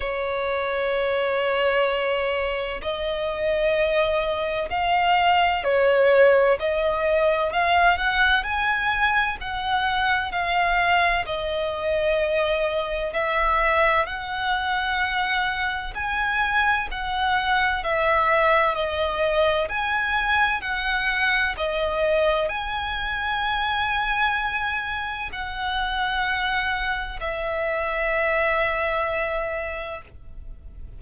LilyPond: \new Staff \with { instrumentName = "violin" } { \time 4/4 \tempo 4 = 64 cis''2. dis''4~ | dis''4 f''4 cis''4 dis''4 | f''8 fis''8 gis''4 fis''4 f''4 | dis''2 e''4 fis''4~ |
fis''4 gis''4 fis''4 e''4 | dis''4 gis''4 fis''4 dis''4 | gis''2. fis''4~ | fis''4 e''2. | }